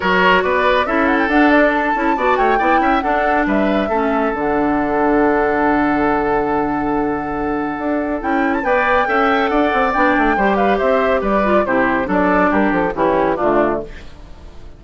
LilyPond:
<<
  \new Staff \with { instrumentName = "flute" } { \time 4/4 \tempo 4 = 139 cis''4 d''4 e''8 fis''16 g''16 fis''8 d''8 | a''4. g''4. fis''4 | e''2 fis''2~ | fis''1~ |
fis''2. g''8. a''16 | g''2 fis''4 g''4~ | g''8 f''8 e''4 d''4 c''4 | d''4 ais'8 a'8 g'4 f'4 | }
  \new Staff \with { instrumentName = "oboe" } { \time 4/4 ais'4 b'4 a'2~ | a'4 d''8 cis''8 d''8 e''8 a'4 | b'4 a'2.~ | a'1~ |
a'1 | d''4 e''4 d''2 | c''8 b'8 c''4 b'4 g'4 | a'4 g'4 cis'4 d'4 | }
  \new Staff \with { instrumentName = "clarinet" } { \time 4/4 fis'2 e'4 d'4~ | d'8 e'8 fis'4 e'4 d'4~ | d'4 cis'4 d'2~ | d'1~ |
d'2. e'4 | b'4 a'2 d'4 | g'2~ g'8 f'8 e'4 | d'2 e'4 a4 | }
  \new Staff \with { instrumentName = "bassoon" } { \time 4/4 fis4 b4 cis'4 d'4~ | d'8 cis'8 b8 a8 b8 cis'8 d'4 | g4 a4 d2~ | d1~ |
d2 d'4 cis'4 | b4 cis'4 d'8 c'8 b8 a8 | g4 c'4 g4 c4 | fis4 g8 f8 e4 d4 | }
>>